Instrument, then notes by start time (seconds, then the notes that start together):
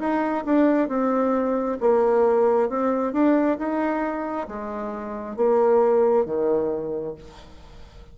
bassoon
0.00 D#4
0.46 D4
0.89 C4
1.81 A#3
2.69 C4
3.13 D4
3.59 D#4
4.48 G#3
5.36 A#3
6.26 D#3